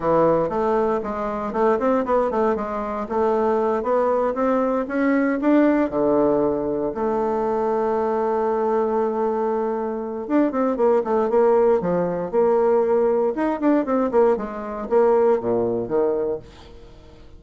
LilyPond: \new Staff \with { instrumentName = "bassoon" } { \time 4/4 \tempo 4 = 117 e4 a4 gis4 a8 c'8 | b8 a8 gis4 a4. b8~ | b8 c'4 cis'4 d'4 d8~ | d4. a2~ a8~ |
a1 | d'8 c'8 ais8 a8 ais4 f4 | ais2 dis'8 d'8 c'8 ais8 | gis4 ais4 ais,4 dis4 | }